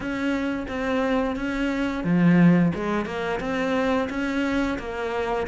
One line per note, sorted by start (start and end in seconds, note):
0.00 0.66 C#4
0.68 1.35 C4
1.35 2.04 C#4
2.04 2.72 F3
2.75 3.05 G#3
3.05 3.39 A#3
3.40 4.08 C4
4.09 4.77 C#4
4.78 5.46 A#3